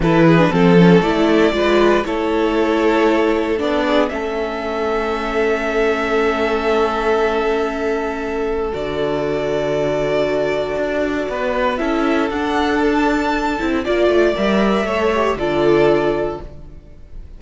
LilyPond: <<
  \new Staff \with { instrumentName = "violin" } { \time 4/4 \tempo 4 = 117 b'4 a'4 d''2 | cis''2. d''4 | e''1~ | e''1~ |
e''4 d''2.~ | d''2. e''4 | fis''4 a''2 d''4 | e''2 d''2 | }
  \new Staff \with { instrumentName = "violin" } { \time 4/4 a'8 gis'8 a'2 b'4 | a'2.~ a'8 gis'8 | a'1~ | a'1~ |
a'1~ | a'2 b'4 a'4~ | a'2. d''4~ | d''4 cis''4 a'2 | }
  \new Staff \with { instrumentName = "viola" } { \time 4/4 e'8. d'16 c'8 cis'8 e'4 f'4 | e'2. d'4 | cis'1~ | cis'1~ |
cis'4 fis'2.~ | fis'2. e'4 | d'2~ d'8 e'8 f'4 | ais'4 a'8 g'8 f'2 | }
  \new Staff \with { instrumentName = "cello" } { \time 4/4 e4 f4 a4 gis4 | a2. b4 | a1~ | a1~ |
a4 d2.~ | d4 d'4 b4 cis'4 | d'2~ d'8 c'8 ais8 a8 | g4 a4 d2 | }
>>